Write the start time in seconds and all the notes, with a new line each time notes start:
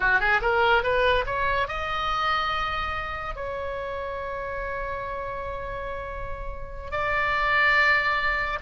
0.00 F#4
0.19 G#4
0.41 A#4
0.83 B4
1.26 C#5
1.68 D#5
3.35 C#5
6.91 D5